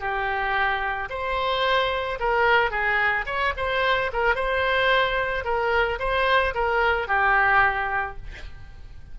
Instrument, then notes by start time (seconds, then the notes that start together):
oboe
0.00 G4
1.10 C5
2.20 A#4
2.71 G#4
3.26 C#5
3.57 C5
4.13 A#4
4.35 C5
5.44 A#4
6.00 C5
6.54 A#4
7.08 G4